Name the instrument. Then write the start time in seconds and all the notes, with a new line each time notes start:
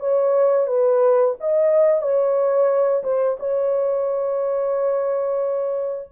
horn
0.00 C#5
0.67 B4
1.40 D#5
2.02 C#5
3.04 C5
3.39 C#5